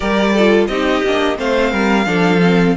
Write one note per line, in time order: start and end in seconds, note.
0.00 0.68 G3
0.00 0.33 G4
0.00 0.33 A#4
0.00 0.65 D5
0.33 0.70 F4
0.33 0.68 A4
0.67 1.02 C4
0.67 1.04 D#4
0.67 1.38 G4
0.67 1.36 D#5
1.04 1.38 A#3
1.04 1.36 D4
1.36 1.72 A3
1.36 2.05 C4
1.36 1.71 C5
1.36 2.76 F5
1.71 2.06 G3
1.71 2.05 A#4
2.05 2.75 F3
2.05 2.39 D4
2.05 2.76 A4
2.42 2.76 C4